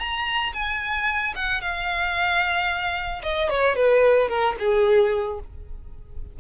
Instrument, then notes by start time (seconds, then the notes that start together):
violin
0.00 A#5
0.54 G#5
1.36 F#5
1.62 F5
3.23 D#5
3.50 C#5
3.76 B4
4.29 A#4
4.60 G#4